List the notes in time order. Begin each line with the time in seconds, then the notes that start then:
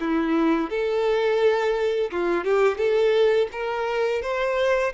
0.00 E4
0.70 A4
2.11 F4
2.44 G4
2.77 A4
3.52 A#4
4.22 C5